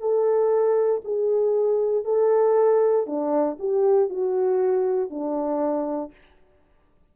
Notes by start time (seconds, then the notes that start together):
0.00 A4
1.04 G#4
2.05 A4
3.06 D4
3.59 G4
4.10 F#4
5.10 D4